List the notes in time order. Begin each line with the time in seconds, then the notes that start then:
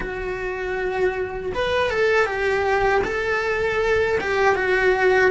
0.00 F#4
1.55 B4
1.90 A4
2.26 G4
3.04 A4
4.20 G4
4.55 F#4